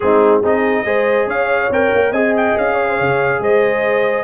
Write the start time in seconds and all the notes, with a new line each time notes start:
0.00 G#3 C4 D#4 G#4
0.41 C4 D#4 G#4 D#5
0.84 G#3 G#4 C5
1.26 C#4 C#5 F5
1.70 C4 A#4 G5
1.95 A#3
2.11 C4 G#4 D#5 G#5
2.36 G5
2.57 C#4 F5
2.74 C#5
2.88 C5
2.97 C#3 C#5
3.39 G#3 C5 D#5